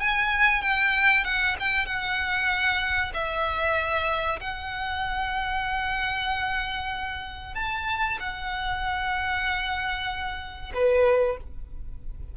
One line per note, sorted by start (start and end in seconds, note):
0.00 0.62 G#5
0.62 1.24 G5
1.24 1.56 F#5
1.60 1.86 G5
1.86 3.12 F#5
3.13 4.40 E5
4.40 7.55 F#5
7.55 8.18 A5
8.20 10.72 F#5
10.74 11.37 B4